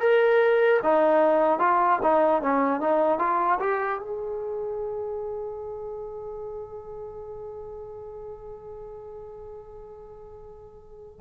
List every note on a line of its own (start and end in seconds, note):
0.00 0.80 A#4
0.83 1.59 D#4
1.59 1.99 F4
2.03 2.42 D#4
2.42 2.80 C#4
2.80 3.19 D#4
3.19 3.59 F4
3.59 3.99 G4
4.00 11.20 G#4